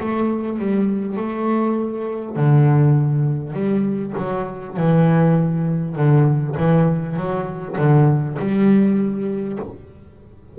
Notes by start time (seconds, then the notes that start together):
0.00 A3
0.59 G3
1.17 A3
2.36 D3
3.53 G3
4.17 F#3
4.77 E3
5.96 D3
6.57 E3
7.17 F#3
7.78 D3
8.39 G3